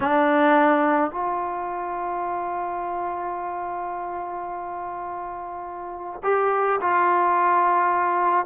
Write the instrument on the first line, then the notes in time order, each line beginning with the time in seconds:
trombone
0.00 D4
1.11 F4
6.23 G4
6.81 F4